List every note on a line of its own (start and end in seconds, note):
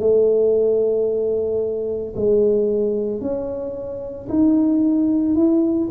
0.00 2.14 A3
2.16 3.21 G#3
3.21 4.29 C#4
4.30 5.35 D#4
5.35 5.89 E4